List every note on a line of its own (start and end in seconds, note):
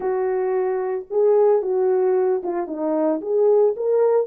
0.00 1.05 F#4
1.10 1.61 G#4
1.61 2.42 F#4
2.43 2.67 F4
2.67 3.20 D#4
3.21 3.75 G#4
3.76 4.26 A#4